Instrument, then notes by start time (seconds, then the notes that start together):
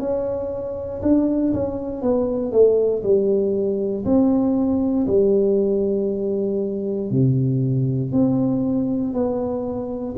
tuba
0.00 C#4
1.03 D4
1.53 C#4
2.02 B3
2.52 A3
3.03 G3
4.05 C4
5.08 G3
7.11 C3
8.13 C4
9.13 B3